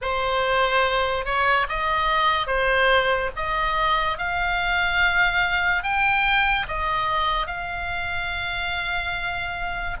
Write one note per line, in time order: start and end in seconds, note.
0.01 1.25 C5
1.25 1.66 C#5
1.68 2.47 D#5
2.47 3.30 C5
3.35 4.17 D#5
4.17 5.83 F5
5.83 6.66 G5
6.67 7.46 D#5
7.46 9.96 F5